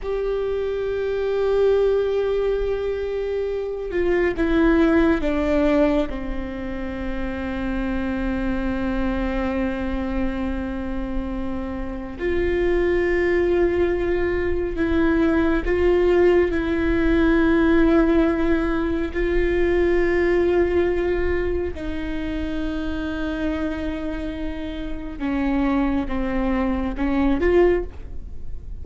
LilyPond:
\new Staff \with { instrumentName = "viola" } { \time 4/4 \tempo 4 = 69 g'1~ | g'8 f'8 e'4 d'4 c'4~ | c'1~ | c'2 f'2~ |
f'4 e'4 f'4 e'4~ | e'2 f'2~ | f'4 dis'2.~ | dis'4 cis'4 c'4 cis'8 f'8 | }